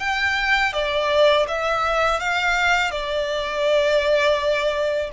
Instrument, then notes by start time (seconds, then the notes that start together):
violin
0.00 G5
0.73 D5
1.48 E5
2.20 F5
2.91 D5